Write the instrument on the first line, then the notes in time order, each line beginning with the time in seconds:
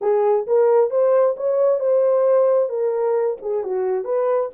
horn
0.01 G#4
0.46 A#4
0.90 C5
1.36 C#5
1.79 C5
2.69 A#4
3.41 G#4
3.63 F#4
4.04 B4